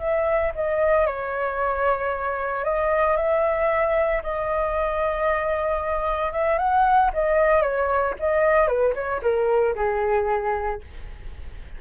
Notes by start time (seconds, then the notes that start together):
0.00 E5
0.55 D#5
1.07 C#5
2.65 D#5
3.17 E5
4.23 D#5
6.33 E5
6.59 F#5
7.14 D#5
7.62 C#5
8.20 D#5
8.68 B4
8.95 C#5
9.23 A#4
9.76 G#4